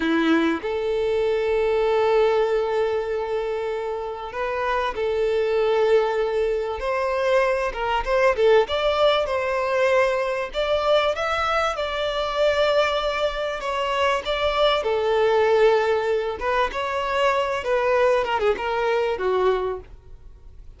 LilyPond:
\new Staff \with { instrumentName = "violin" } { \time 4/4 \tempo 4 = 97 e'4 a'2.~ | a'2. b'4 | a'2. c''4~ | c''8 ais'8 c''8 a'8 d''4 c''4~ |
c''4 d''4 e''4 d''4~ | d''2 cis''4 d''4 | a'2~ a'8 b'8 cis''4~ | cis''8 b'4 ais'16 gis'16 ais'4 fis'4 | }